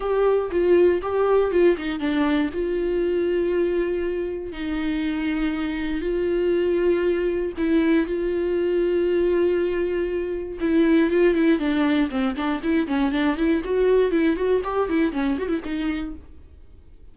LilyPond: \new Staff \with { instrumentName = "viola" } { \time 4/4 \tempo 4 = 119 g'4 f'4 g'4 f'8 dis'8 | d'4 f'2.~ | f'4 dis'2. | f'2. e'4 |
f'1~ | f'4 e'4 f'8 e'8 d'4 | c'8 d'8 e'8 cis'8 d'8 e'8 fis'4 | e'8 fis'8 g'8 e'8 cis'8 fis'16 e'16 dis'4 | }